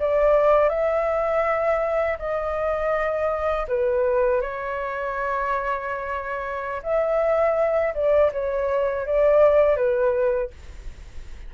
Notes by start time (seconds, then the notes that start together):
0.00 D5
0.70 E5
2.19 D#5
3.68 B4
4.42 C#5
6.83 E5
7.95 D5
8.33 C#5
9.06 D5
9.77 B4